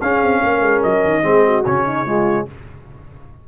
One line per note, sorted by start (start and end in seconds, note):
0.00 0.22 C#4
0.00 1.22 C#4
0.00 0.41 G#4
0.00 0.83 F5
0.22 0.42 C4
0.42 0.61 A#3
0.42 1.24 A#4
0.61 0.82 G#3
0.83 1.05 F#3
0.83 1.65 D#5
1.05 1.23 D#3
1.22 1.64 G#3
1.22 1.63 C4
1.22 1.45 G#4
1.45 1.85 F#4
1.65 2.48 C#3
1.65 2.06 C#4
1.65 2.47 C#5
1.85 2.05 D#4
2.05 2.47 G#3
2.05 2.46 F4